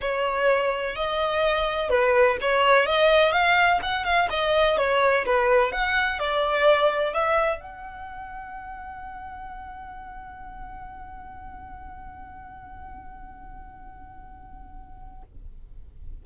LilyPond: \new Staff \with { instrumentName = "violin" } { \time 4/4 \tempo 4 = 126 cis''2 dis''2 | b'4 cis''4 dis''4 f''4 | fis''8 f''8 dis''4 cis''4 b'4 | fis''4 d''2 e''4 |
fis''1~ | fis''1~ | fis''1~ | fis''1 | }